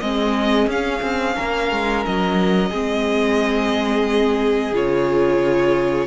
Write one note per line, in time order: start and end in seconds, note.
0.00 0.67 G#3
0.00 0.70 C4
0.00 1.35 G#4
0.00 0.67 D#5
0.67 1.01 C#4
0.67 2.73 C#4
0.67 2.05 F5
1.02 1.36 C4
1.35 1.71 A#3
1.35 2.70 A#4
1.71 2.05 G#3
2.05 2.71 F#3
2.05 4.75 D#5
2.70 4.72 G#3
2.70 4.74 C4
2.70 6.07 G#4
4.72 6.07 C#3
4.72 6.07 F4
4.72 6.07 C#5